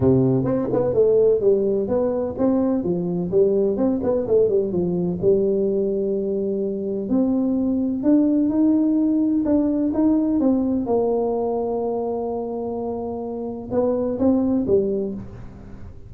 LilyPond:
\new Staff \with { instrumentName = "tuba" } { \time 4/4 \tempo 4 = 127 c4 c'8 b8 a4 g4 | b4 c'4 f4 g4 | c'8 b8 a8 g8 f4 g4~ | g2. c'4~ |
c'4 d'4 dis'2 | d'4 dis'4 c'4 ais4~ | ais1~ | ais4 b4 c'4 g4 | }